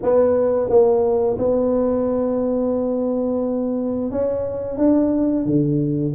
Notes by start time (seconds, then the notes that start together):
0.02 B3
0.69 A#3
1.38 B3
4.11 C#4
4.77 D4
5.45 D3